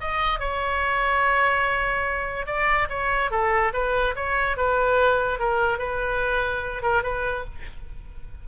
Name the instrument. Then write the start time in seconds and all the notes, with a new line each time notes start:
oboe
0.00 D#5
0.39 C#5
2.46 D5
2.89 C#5
3.30 A4
3.73 B4
4.15 C#5
4.56 B4
5.39 A#4
5.78 B4
6.82 A#4
7.02 B4